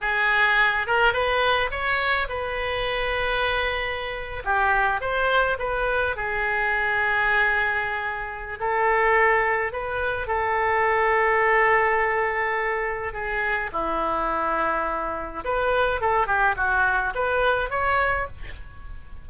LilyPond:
\new Staff \with { instrumentName = "oboe" } { \time 4/4 \tempo 4 = 105 gis'4. ais'8 b'4 cis''4 | b'2.~ b'8. g'16~ | g'8. c''4 b'4 gis'4~ gis'16~ | gis'2. a'4~ |
a'4 b'4 a'2~ | a'2. gis'4 | e'2. b'4 | a'8 g'8 fis'4 b'4 cis''4 | }